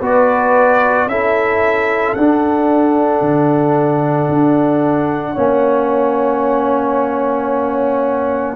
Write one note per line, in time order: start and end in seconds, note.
0.00 1.06 B3
0.00 1.09 F#4
0.00 1.07 B4
0.00 1.08 D5
1.06 2.14 C#4
1.06 2.17 E4
1.06 5.33 A4
1.06 2.14 E5
2.14 3.21 D4
2.14 5.36 D4
2.14 8.56 F#5
3.21 4.28 D3
4.29 5.36 D4
5.33 8.56 A#3
5.33 8.56 C#4
5.33 8.54 C#5